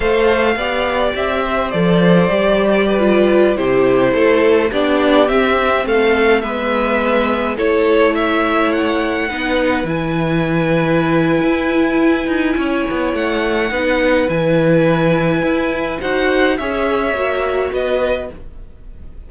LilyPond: <<
  \new Staff \with { instrumentName = "violin" } { \time 4/4 \tempo 4 = 105 f''2 e''4 d''4~ | d''2~ d''16 c''4.~ c''16~ | c''16 d''4 e''4 f''4 e''8.~ | e''4~ e''16 cis''4 e''4 fis''8.~ |
fis''4~ fis''16 gis''2~ gis''8.~ | gis''2. fis''4~ | fis''4 gis''2. | fis''4 e''2 dis''4 | }
  \new Staff \with { instrumentName = "violin" } { \time 4/4 c''4 d''4. c''4.~ | c''4 b'4~ b'16 g'4 a'8.~ | a'16 g'2 a'4 b'8.~ | b'4~ b'16 a'4 cis''4.~ cis''16~ |
cis''16 b'2.~ b'8.~ | b'2 cis''2 | b'1 | c''4 cis''2 b'4 | }
  \new Staff \with { instrumentName = "viola" } { \time 4/4 a'4 g'2 a'4 | g'4~ g'16 f'4 e'4.~ e'16~ | e'16 d'4 c'2 b8.~ | b4~ b16 e'2~ e'8.~ |
e'16 dis'4 e'2~ e'8.~ | e'1 | dis'4 e'2. | fis'4 gis'4 fis'2 | }
  \new Staff \with { instrumentName = "cello" } { \time 4/4 a4 b4 c'4 f4 | g2~ g16 c4 a8.~ | a16 b4 c'4 a4 gis8.~ | gis4~ gis16 a2~ a8.~ |
a16 b4 e2~ e8. | e'4. dis'8 cis'8 b8 a4 | b4 e2 e'4 | dis'4 cis'4 ais4 b4 | }
>>